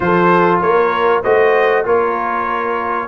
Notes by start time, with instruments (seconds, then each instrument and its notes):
0.00 tuba F3, trombone F4, horn A4, trumpet C5
0.61 tuba A#3, horn A#4, trumpet C#5
1.22 tuba A3, trombone F#4, horn C5, trumpet D#5
1.84 tuba A#3, trombone F4, horn A#4, trumpet C#5